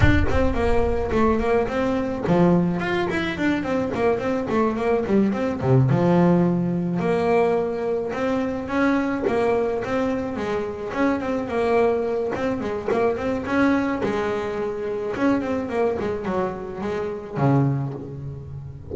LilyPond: \new Staff \with { instrumentName = "double bass" } { \time 4/4 \tempo 4 = 107 d'8 c'8 ais4 a8 ais8 c'4 | f4 f'8 e'8 d'8 c'8 ais8 c'8 | a8 ais8 g8 c'8 c8 f4.~ | f8 ais2 c'4 cis'8~ |
cis'8 ais4 c'4 gis4 cis'8 | c'8 ais4. c'8 gis8 ais8 c'8 | cis'4 gis2 cis'8 c'8 | ais8 gis8 fis4 gis4 cis4 | }